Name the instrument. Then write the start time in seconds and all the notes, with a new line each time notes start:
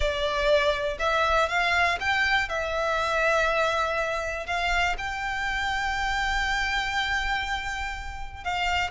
violin
0.00 D5
0.99 E5
1.48 F5
1.99 G5
2.48 E5
4.46 F5
4.98 G5
8.44 F5